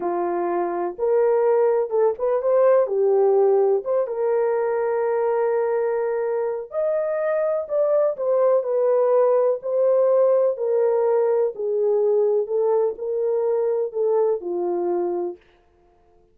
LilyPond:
\new Staff \with { instrumentName = "horn" } { \time 4/4 \tempo 4 = 125 f'2 ais'2 | a'8 b'8 c''4 g'2 | c''8 ais'2.~ ais'8~ | ais'2 dis''2 |
d''4 c''4 b'2 | c''2 ais'2 | gis'2 a'4 ais'4~ | ais'4 a'4 f'2 | }